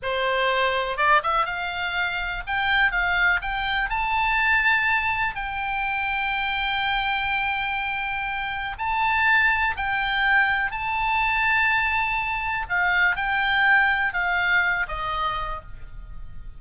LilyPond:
\new Staff \with { instrumentName = "oboe" } { \time 4/4 \tempo 4 = 123 c''2 d''8 e''8 f''4~ | f''4 g''4 f''4 g''4 | a''2. g''4~ | g''1~ |
g''2 a''2 | g''2 a''2~ | a''2 f''4 g''4~ | g''4 f''4. dis''4. | }